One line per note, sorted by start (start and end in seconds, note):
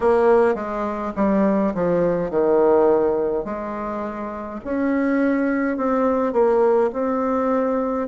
0.00 0.55 A#3
0.55 1.12 G#3
1.15 1.73 G3
1.74 2.30 F3
2.30 3.45 D#3
3.45 4.60 G#3
4.64 5.77 C#4
5.77 6.32 C4
6.32 6.90 A#3
6.92 8.08 C4